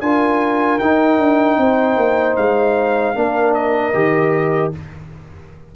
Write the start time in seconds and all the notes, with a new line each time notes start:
0.00 D4 F4 A#4 G#5
0.78 D#4 G5
1.18 D4
1.57 C4 C5
1.97 A#3
2.36 G#3 F5
3.14 A#3 D4 A#4
3.54 D#5
3.93 D#3 G4